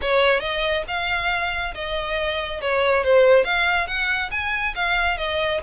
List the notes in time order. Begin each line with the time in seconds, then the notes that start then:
0.01 C#5
0.40 D#5
0.87 F5
1.74 D#5
2.61 C#5
3.04 C5
3.44 F5
3.87 F#5
4.31 G#5
4.75 F5
5.17 D#5